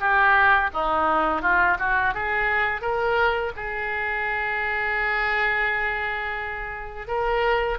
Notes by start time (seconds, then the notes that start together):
0.00 G4
0.74 D#4
1.42 F4
1.79 F#4
2.15 G#4
2.82 A#4
3.57 G#4
7.08 A#4